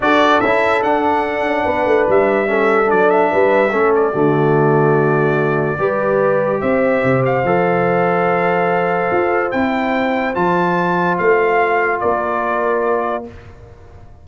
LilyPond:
<<
  \new Staff \with { instrumentName = "trumpet" } { \time 4/4 \tempo 4 = 145 d''4 e''4 fis''2~ | fis''4 e''2 d''8 e''8~ | e''4. d''2~ d''8~ | d''1 |
e''4. f''2~ f''8~ | f''2. g''4~ | g''4 a''2 f''4~ | f''4 d''2. | }
  \new Staff \with { instrumentName = "horn" } { \time 4/4 a'1 | b'2 a'2 | b'4 a'4 fis'2~ | fis'2 b'2 |
c''1~ | c''1~ | c''1~ | c''4 ais'2. | }
  \new Staff \with { instrumentName = "trombone" } { \time 4/4 fis'4 e'4 d'2~ | d'2 cis'4 d'4~ | d'4 cis'4 a2~ | a2 g'2~ |
g'2 a'2~ | a'2. e'4~ | e'4 f'2.~ | f'1 | }
  \new Staff \with { instrumentName = "tuba" } { \time 4/4 d'4 cis'4 d'4. cis'8 | b8 a8 g2 fis4 | g4 a4 d2~ | d2 g2 |
c'4 c4 f2~ | f2 f'4 c'4~ | c'4 f2 a4~ | a4 ais2. | }
>>